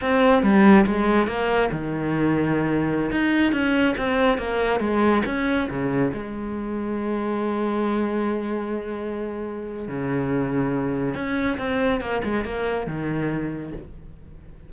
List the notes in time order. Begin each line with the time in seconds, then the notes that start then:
0.01 C4
0.42 G3
0.86 G#3
1.27 A#3
1.71 D#3
3.11 D#4
3.52 C#4
3.97 C4
4.38 A#3
4.80 G#3
5.25 C#4
5.69 C#3
6.13 G#3
9.87 C#3
11.14 C#4
11.58 C4
12.00 A#3
12.24 G#3
12.44 A#3
12.86 D#3